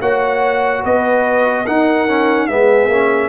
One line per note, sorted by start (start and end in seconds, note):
0.00 0.83 A#3
0.00 1.66 F#4
0.00 0.82 C#5
0.00 0.84 F#5
0.82 1.67 B3
0.82 1.64 B4
0.82 1.66 D#5
1.65 2.08 D#4
1.65 2.49 D#4
1.65 2.47 A#4
1.65 2.47 F#5
2.08 2.48 C#4
2.47 2.87 G#3
2.47 2.90 B3
2.47 3.29 G#4
2.47 3.29 E5
2.87 3.29 A#3
2.87 3.29 C#4